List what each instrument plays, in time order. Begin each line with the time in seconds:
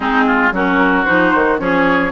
0.00 bassoon G#3, clarinet C4, oboe D#4, flute G#4
0.26 oboe F4
0.51 bassoon F#3, clarinet C#4, oboe F#4, flute A#4
1.05 bassoon F3, clarinet D#4, flute C5
1.34 bassoon D#3
1.58 bassoon F3, clarinet C#4, oboe G#4, flute C#5